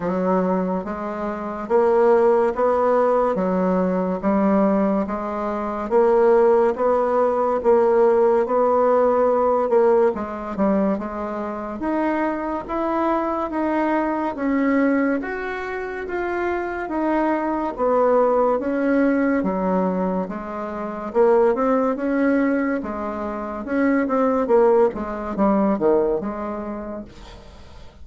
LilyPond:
\new Staff \with { instrumentName = "bassoon" } { \time 4/4 \tempo 4 = 71 fis4 gis4 ais4 b4 | fis4 g4 gis4 ais4 | b4 ais4 b4. ais8 | gis8 g8 gis4 dis'4 e'4 |
dis'4 cis'4 fis'4 f'4 | dis'4 b4 cis'4 fis4 | gis4 ais8 c'8 cis'4 gis4 | cis'8 c'8 ais8 gis8 g8 dis8 gis4 | }